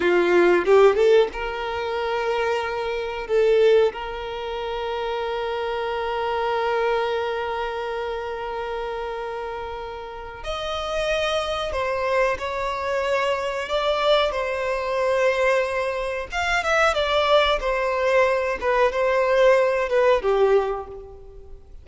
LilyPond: \new Staff \with { instrumentName = "violin" } { \time 4/4 \tempo 4 = 92 f'4 g'8 a'8 ais'2~ | ais'4 a'4 ais'2~ | ais'1~ | ais'1 |
dis''2 c''4 cis''4~ | cis''4 d''4 c''2~ | c''4 f''8 e''8 d''4 c''4~ | c''8 b'8 c''4. b'8 g'4 | }